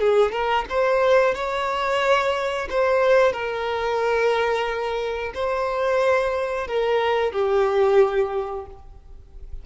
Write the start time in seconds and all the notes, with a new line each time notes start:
0.00 G#4
0.32 A#4
0.69 C5
1.35 C#5
2.70 C5
3.33 A#4
5.35 C5
6.68 A#4
7.32 G4